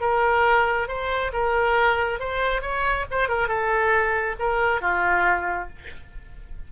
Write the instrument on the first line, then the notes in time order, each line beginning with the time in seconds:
oboe
0.00 A#4
0.88 C5
1.32 A#4
2.19 C5
2.61 C#5
3.11 C5
3.28 A#4
3.48 A4
4.39 A#4
4.81 F4